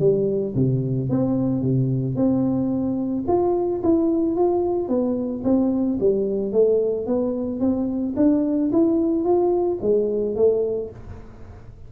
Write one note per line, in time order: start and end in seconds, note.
0.00 0.55 G3
0.55 1.10 C3
1.10 1.62 C4
1.62 2.16 C3
2.16 3.25 C4
3.28 3.83 F4
3.83 4.36 E4
4.36 4.89 F4
4.89 5.43 B3
5.44 5.99 C4
6.00 6.53 G3
6.53 7.07 A3
7.07 7.60 B3
7.60 8.15 C4
8.17 8.71 D4
8.72 9.25 E4
9.25 9.79 F4
9.82 10.36 G#3
10.36 10.90 A3